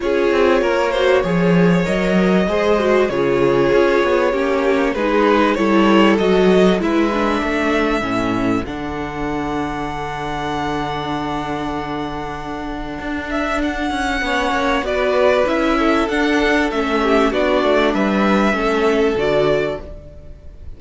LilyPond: <<
  \new Staff \with { instrumentName = "violin" } { \time 4/4 \tempo 4 = 97 cis''2. dis''4~ | dis''4 cis''2. | b'4 cis''4 dis''4 e''4~ | e''2 fis''2~ |
fis''1~ | fis''4. e''8 fis''2 | d''4 e''4 fis''4 e''4 | d''4 e''2 d''4 | }
  \new Staff \with { instrumentName = "violin" } { \time 4/4 gis'4 ais'8 c''8 cis''2 | c''4 gis'2 g'4 | gis'4 a'2 b'4 | a'1~ |
a'1~ | a'2. cis''4 | b'4. a'2 g'8 | fis'4 b'4 a'2 | }
  \new Staff \with { instrumentName = "viola" } { \time 4/4 f'4. fis'8 gis'4 ais'4 | gis'8 fis'8 f'2 cis'4 | dis'4 e'4 fis'4 e'8 d'8~ | d'4 cis'4 d'2~ |
d'1~ | d'2. cis'4 | fis'4 e'4 d'4 cis'4 | d'2 cis'4 fis'4 | }
  \new Staff \with { instrumentName = "cello" } { \time 4/4 cis'8 c'8 ais4 f4 fis4 | gis4 cis4 cis'8 b8 ais4 | gis4 g4 fis4 gis4 | a4 a,4 d2~ |
d1~ | d4 d'4. cis'8 b8 ais8 | b4 cis'4 d'4 a4 | b8 a8 g4 a4 d4 | }
>>